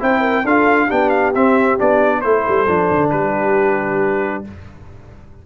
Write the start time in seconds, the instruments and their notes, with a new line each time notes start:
0.00 tuba C4, trombone E4, horn C5, trumpet G5
0.21 horn A#4
0.45 tuba D4, trombone F4, horn A4, trumpet F5
0.87 tuba B3, trombone D4, horn G4, trumpet G5
1.10 trumpet F5
1.35 tuba C4, trombone C4, trumpet E5
1.79 tuba B3, trombone D4, trumpet D5
2.21 tuba A3, trombone E4, horn A4, trumpet C5
2.49 tuba G3
2.67 tuba F3, trombone D4
2.91 tuba D3
3.11 tuba G3, horn G4, trumpet B4